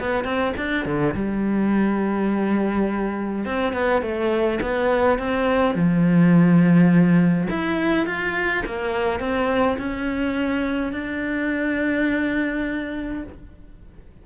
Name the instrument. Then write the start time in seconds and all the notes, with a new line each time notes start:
cello
0.00 B3
0.25 C4
0.57 D4
0.86 D3
1.15 G3
3.45 C4
3.73 B3
4.02 A3
4.62 B3
5.19 C4
5.75 F3
7.50 E4
8.07 F4
8.66 A#3
9.20 C4
9.79 C#4
10.93 D4